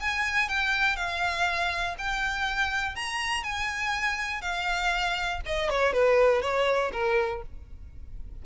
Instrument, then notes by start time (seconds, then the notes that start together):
violin
0.00 G#5
0.48 G5
0.96 F5
1.98 G5
2.95 A#5
3.43 G#5
4.41 F5
5.46 D#5
5.70 C#5
5.93 B4
6.42 C#5
6.92 A#4